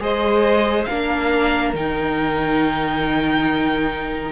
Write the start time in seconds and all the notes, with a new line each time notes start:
0.00 G#3 G#4 C5 D#5
0.85 A#3 D4 A#4 F5
1.74 D#3 D#4 G5